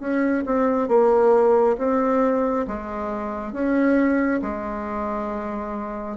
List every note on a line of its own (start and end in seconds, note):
0.00 0.44 C#4
0.46 0.89 C4
0.89 1.77 A#3
1.78 2.66 C4
2.68 3.53 G#3
3.53 4.41 C#4
4.42 6.17 G#3